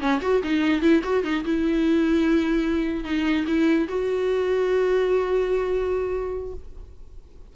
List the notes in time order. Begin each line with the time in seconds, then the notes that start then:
0.00 C#4
0.22 F#4
0.43 D#4
0.82 E4
1.03 F#4
1.24 D#4
1.45 E4
3.04 D#4
3.47 E4
3.88 F#4